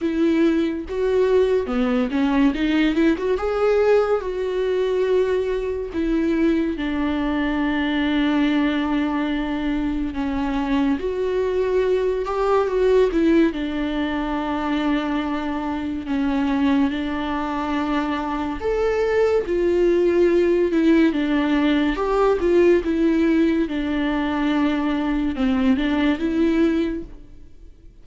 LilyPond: \new Staff \with { instrumentName = "viola" } { \time 4/4 \tempo 4 = 71 e'4 fis'4 b8 cis'8 dis'8 e'16 fis'16 | gis'4 fis'2 e'4 | d'1 | cis'4 fis'4. g'8 fis'8 e'8 |
d'2. cis'4 | d'2 a'4 f'4~ | f'8 e'8 d'4 g'8 f'8 e'4 | d'2 c'8 d'8 e'4 | }